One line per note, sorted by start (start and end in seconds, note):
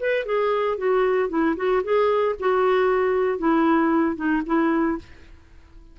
0.00 0.25 B4
0.25 0.78 G#4
0.78 1.29 F#4
1.29 1.55 E4
1.56 1.82 F#4
1.83 2.35 G#4
2.40 3.38 F#4
3.38 4.16 E4
4.16 4.42 D#4
4.46 4.98 E4